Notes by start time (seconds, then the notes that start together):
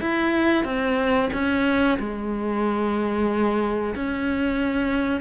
0.00 E4
0.64 C4
1.33 C#4
1.99 G#3
3.95 C#4